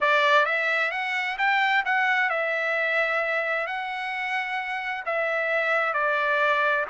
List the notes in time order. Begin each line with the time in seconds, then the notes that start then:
0.00 D5
0.45 E5
0.91 F#5
1.38 G5
1.85 F#5
2.29 E5
3.66 F#5
5.05 E5
5.93 D5